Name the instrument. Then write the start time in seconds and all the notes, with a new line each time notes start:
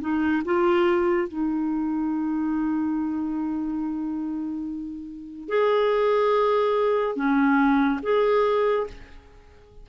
clarinet
0.00 D#4
0.45 F4
1.28 D#4
5.49 G#4
7.15 C#4
8.02 G#4